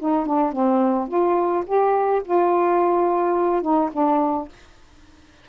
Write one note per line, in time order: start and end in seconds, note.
0.00 0.27 D#4
0.27 0.53 D4
0.53 1.09 C4
1.09 1.65 F4
1.66 2.23 G4
2.26 3.62 F4
3.62 3.90 D#4
3.93 4.49 D4